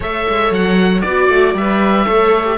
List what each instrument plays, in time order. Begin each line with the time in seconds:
0.00 cello A3, viola A4 C#5, oboe E5
0.28 cello G#3
0.50 cello F#3, oboe F#5
1.01 cello B3, viola F#4 D5, oboe D5
1.29 cello A3
1.54 cello G3, viola B4, oboe E5
2.05 cello A3, viola A4 C#5
2.45 viola G4